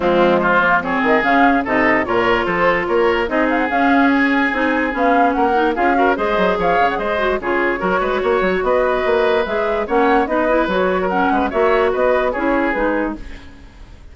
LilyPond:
<<
  \new Staff \with { instrumentName = "flute" } { \time 4/4 \tempo 4 = 146 f'4 c''4 cis''8 dis''8 f''4 | dis''4 cis''4 c''4 cis''4 | dis''8 f''16 fis''16 f''4 gis''2 | f''4 fis''4 f''4 dis''4 |
f''8. fis''16 dis''4 cis''2~ | cis''4 dis''2 e''4 | fis''4 dis''4 cis''4 fis''4 | e''4 dis''4 cis''4 b'4 | }
  \new Staff \with { instrumentName = "oboe" } { \time 4/4 c'4 f'4 gis'2 | a'4 ais'4 a'4 ais'4 | gis'1~ | gis'4 ais'4 gis'8 ais'8 c''4 |
cis''4 c''4 gis'4 ais'8 b'8 | cis''4 b'2. | cis''4 b'4.~ b'16 ais'8. b'8 | cis''4 b'4 gis'2 | }
  \new Staff \with { instrumentName = "clarinet" } { \time 4/4 gis4. ais8 c'4 cis'4 | dis'4 f'2. | dis'4 cis'2 dis'4 | cis'4. dis'8 f'8 fis'8 gis'4~ |
gis'4. fis'8 f'4 fis'4~ | fis'2. gis'4 | cis'4 dis'8 e'8 fis'4 cis'4 | fis'2 e'4 dis'4 | }
  \new Staff \with { instrumentName = "bassoon" } { \time 4/4 f2~ f8 dis8 cis4 | c4 ais,4 f4 ais4 | c'4 cis'2 c'4 | b4 ais4 cis'4 gis8 fis8 |
f8 cis8 gis4 cis4 fis8 gis8 | ais8 fis8 b4 ais4 gis4 | ais4 b4 fis4. gis8 | ais4 b4 cis'4 gis4 | }
>>